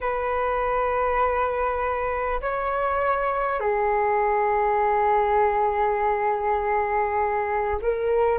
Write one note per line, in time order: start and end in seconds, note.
0.01 2.41 B4
2.41 3.60 C#5
3.60 7.80 G#4
7.81 8.38 A#4